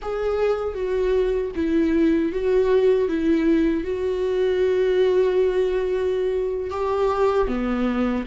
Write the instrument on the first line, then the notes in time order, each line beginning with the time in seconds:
viola
0.02 G#4
0.74 F#4
1.55 E4
2.32 F#4
3.08 E4
3.84 F#4
6.70 G4
7.47 B3